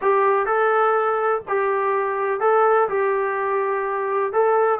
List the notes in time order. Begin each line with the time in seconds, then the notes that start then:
0.01 G4
0.46 A4
1.47 G4
2.40 A4
2.88 G4
4.32 A4